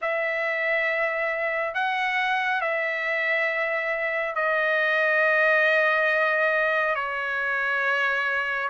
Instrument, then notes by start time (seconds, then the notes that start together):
trumpet
0.01 E5
1.74 F#5
2.61 E5
4.35 D#5
6.95 C#5